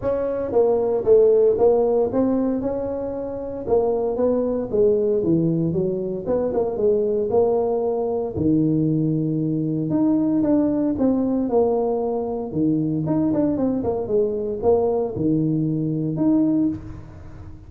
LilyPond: \new Staff \with { instrumentName = "tuba" } { \time 4/4 \tempo 4 = 115 cis'4 ais4 a4 ais4 | c'4 cis'2 ais4 | b4 gis4 e4 fis4 | b8 ais8 gis4 ais2 |
dis2. dis'4 | d'4 c'4 ais2 | dis4 dis'8 d'8 c'8 ais8 gis4 | ais4 dis2 dis'4 | }